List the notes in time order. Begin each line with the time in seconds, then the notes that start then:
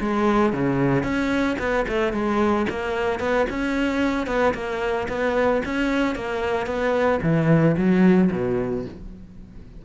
0.00 G#3
0.53 C#3
1.03 C#4
1.59 B3
1.88 A3
2.13 G#3
2.69 A#3
3.20 B3
3.49 C#4
4.27 B3
4.54 A#3
5.08 B3
5.65 C#4
6.15 A#3
6.66 B3
7.22 E3
7.77 F#3
8.32 B2